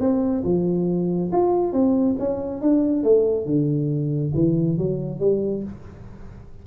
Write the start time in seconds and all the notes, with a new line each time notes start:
0.00 C4
0.44 F3
1.32 F4
1.73 C4
2.19 C#4
2.61 D4
3.03 A3
3.46 D3
4.35 E3
4.78 F#3
5.20 G3